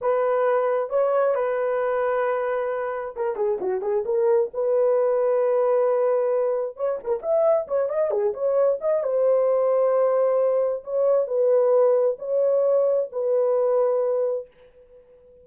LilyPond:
\new Staff \with { instrumentName = "horn" } { \time 4/4 \tempo 4 = 133 b'2 cis''4 b'4~ | b'2. ais'8 gis'8 | fis'8 gis'8 ais'4 b'2~ | b'2. cis''8 b'16 ais'16 |
e''4 cis''8 dis''8 gis'8 cis''4 dis''8 | c''1 | cis''4 b'2 cis''4~ | cis''4 b'2. | }